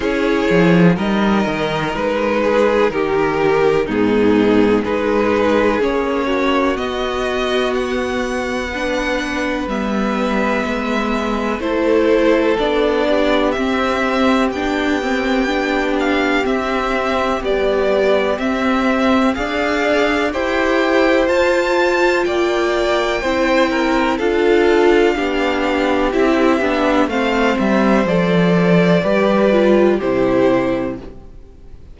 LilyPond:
<<
  \new Staff \with { instrumentName = "violin" } { \time 4/4 \tempo 4 = 62 cis''4 dis''4 b'4 ais'4 | gis'4 b'4 cis''4 dis''4 | fis''2 e''2 | c''4 d''4 e''4 g''4~ |
g''8 f''8 e''4 d''4 e''4 | f''4 g''4 a''4 g''4~ | g''4 f''2 e''4 | f''8 e''8 d''2 c''4 | }
  \new Staff \with { instrumentName = "violin" } { \time 4/4 gis'4 ais'4. gis'8 g'4 | dis'4 gis'4. fis'4.~ | fis'4 b'2. | a'4. g'2~ g'8~ |
g'1 | d''4 c''2 d''4 | c''8 ais'8 a'4 g'2 | c''2 b'4 g'4 | }
  \new Staff \with { instrumentName = "viola" } { \time 4/4 e'4 dis'2. | b4 dis'4 cis'4 b4~ | b4 d'4 b2 | e'4 d'4 c'4 d'8 c'8 |
d'4 c'4 g4 c'4 | gis'4 g'4 f'2 | e'4 f'4 d'4 e'8 d'8 | c'4 a'4 g'8 f'8 e'4 | }
  \new Staff \with { instrumentName = "cello" } { \time 4/4 cis'8 f8 g8 dis8 gis4 dis4 | gis,4 gis4 ais4 b4~ | b2 g4 gis4 | a4 b4 c'4 b4~ |
b4 c'4 b4 c'4 | d'4 e'4 f'4 ais4 | c'4 d'4 b4 c'8 b8 | a8 g8 f4 g4 c4 | }
>>